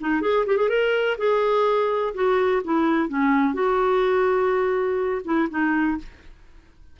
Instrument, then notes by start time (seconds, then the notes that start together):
clarinet
0.00 D#4
0.21 G#4
0.46 G4
0.57 G#4
0.69 A#4
1.18 G#4
2.14 F#4
2.64 E4
3.08 C#4
3.54 F#4
5.24 E4
5.50 D#4